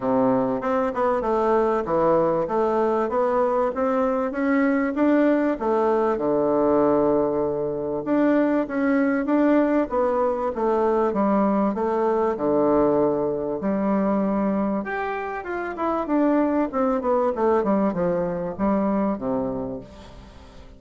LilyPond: \new Staff \with { instrumentName = "bassoon" } { \time 4/4 \tempo 4 = 97 c4 c'8 b8 a4 e4 | a4 b4 c'4 cis'4 | d'4 a4 d2~ | d4 d'4 cis'4 d'4 |
b4 a4 g4 a4 | d2 g2 | g'4 f'8 e'8 d'4 c'8 b8 | a8 g8 f4 g4 c4 | }